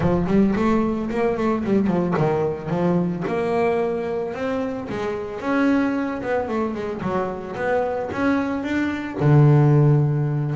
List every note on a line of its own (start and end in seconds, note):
0.00 0.25 F3
0.27 0.54 G3
0.55 1.09 A3
1.10 1.37 A#3
1.37 1.64 A3
1.64 1.87 G3
1.87 2.14 F3
2.17 2.69 D#3
2.69 3.23 F3
3.27 4.34 A#3
4.34 4.88 C4
4.89 5.40 G#3
5.40 6.21 C#4
6.22 6.47 B3
6.47 6.74 A3
6.74 7.01 G#3
7.01 7.55 F#3
7.56 8.10 B3
8.12 8.63 C#4
8.63 9.17 D4
9.20 10.55 D3